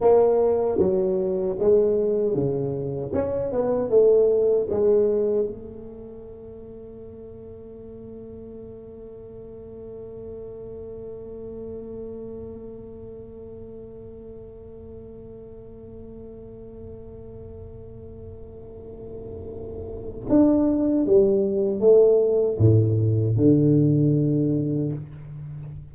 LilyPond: \new Staff \with { instrumentName = "tuba" } { \time 4/4 \tempo 4 = 77 ais4 fis4 gis4 cis4 | cis'8 b8 a4 gis4 a4~ | a1~ | a1~ |
a1~ | a1~ | a2 d'4 g4 | a4 a,4 d2 | }